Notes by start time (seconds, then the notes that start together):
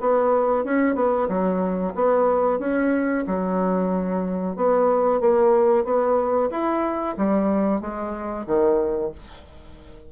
0.00 B3
0.64 C#4
0.95 B3
1.28 F#3
1.94 B3
2.59 C#4
3.26 F#3
4.56 B3
5.20 A#3
5.84 B3
6.50 E4
7.17 G3
7.81 G#3
8.46 D#3